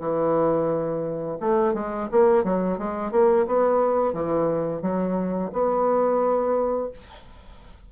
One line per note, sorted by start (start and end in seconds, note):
0.00 1.38 E3
1.40 1.74 A3
1.74 2.08 G#3
2.12 2.44 A#3
2.44 2.78 F#3
2.78 3.12 G#3
3.12 3.46 A#3
3.47 4.13 B3
4.13 4.82 E3
4.82 5.51 F#3
5.53 6.91 B3